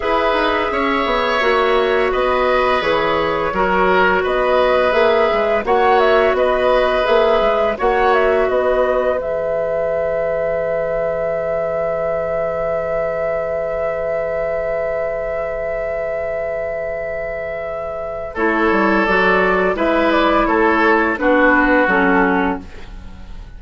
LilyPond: <<
  \new Staff \with { instrumentName = "flute" } { \time 4/4 \tempo 4 = 85 e''2. dis''4 | cis''2 dis''4 e''4 | fis''8 e''8 dis''4 e''4 fis''8 e''8 | dis''4 e''2.~ |
e''1~ | e''1~ | e''2 cis''4 d''4 | e''8 d''8 cis''4 b'4 a'4 | }
  \new Staff \with { instrumentName = "oboe" } { \time 4/4 b'4 cis''2 b'4~ | b'4 ais'4 b'2 | cis''4 b'2 cis''4 | b'1~ |
b'1~ | b'1~ | b'2 a'2 | b'4 a'4 fis'2 | }
  \new Staff \with { instrumentName = "clarinet" } { \time 4/4 gis'2 fis'2 | gis'4 fis'2 gis'4 | fis'2 gis'4 fis'4~ | fis'4 gis'2.~ |
gis'1~ | gis'1~ | gis'2 e'4 fis'4 | e'2 d'4 cis'4 | }
  \new Staff \with { instrumentName = "bassoon" } { \time 4/4 e'8 dis'8 cis'8 b8 ais4 b4 | e4 fis4 b4 ais8 gis8 | ais4 b4 ais8 gis8 ais4 | b4 e2.~ |
e1~ | e1~ | e2 a8 g8 fis4 | gis4 a4 b4 fis4 | }
>>